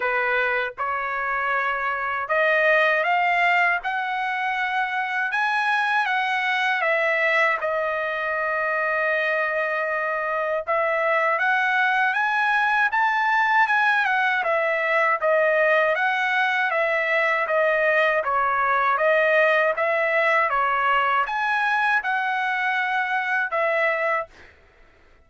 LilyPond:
\new Staff \with { instrumentName = "trumpet" } { \time 4/4 \tempo 4 = 79 b'4 cis''2 dis''4 | f''4 fis''2 gis''4 | fis''4 e''4 dis''2~ | dis''2 e''4 fis''4 |
gis''4 a''4 gis''8 fis''8 e''4 | dis''4 fis''4 e''4 dis''4 | cis''4 dis''4 e''4 cis''4 | gis''4 fis''2 e''4 | }